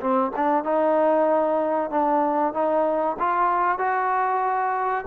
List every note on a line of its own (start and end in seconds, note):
0.00 0.32 C4
0.36 0.64 D4
0.64 1.90 D#4
1.90 2.53 D4
2.53 3.16 D#4
3.19 3.78 F4
3.78 5.04 F#4